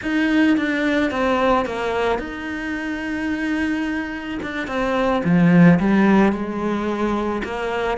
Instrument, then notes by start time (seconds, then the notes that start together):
cello
0.02 D#4
0.57 D4
1.10 C4
1.65 A#3
2.19 D#4
4.42 D4
4.67 C4
5.24 F3
5.79 G3
6.32 G#3
7.44 A#3